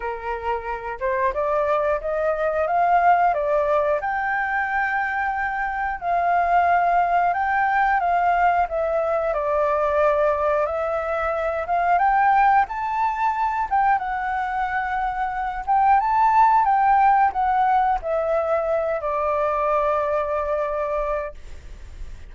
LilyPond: \new Staff \with { instrumentName = "flute" } { \time 4/4 \tempo 4 = 90 ais'4. c''8 d''4 dis''4 | f''4 d''4 g''2~ | g''4 f''2 g''4 | f''4 e''4 d''2 |
e''4. f''8 g''4 a''4~ | a''8 g''8 fis''2~ fis''8 g''8 | a''4 g''4 fis''4 e''4~ | e''8 d''2.~ d''8 | }